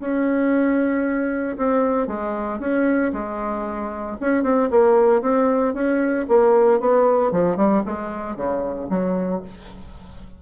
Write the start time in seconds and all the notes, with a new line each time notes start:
0.00 C#4
1.57 C4
2.07 G#3
2.59 C#4
3.13 G#3
4.20 C#4
4.43 C4
4.70 A#3
5.22 C4
5.74 C#4
6.28 A#3
6.80 B3
7.32 F3
7.57 G3
7.86 G#3
8.36 C#3
8.89 F#3